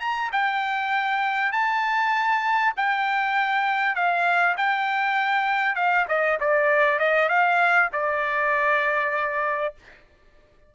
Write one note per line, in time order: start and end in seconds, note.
0.00 0.30 A#5
0.32 1.52 G5
1.52 2.73 A5
2.77 3.95 G5
3.95 4.56 F5
4.57 5.75 G5
5.75 6.06 F5
6.08 6.39 D#5
6.40 6.99 D5
6.99 7.29 D#5
7.29 7.90 F5
7.93 9.74 D5